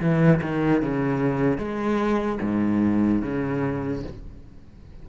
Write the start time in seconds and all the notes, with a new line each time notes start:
0.00 E3
0.41 D#3
0.82 C#3
1.57 G#3
2.41 G#2
3.22 C#3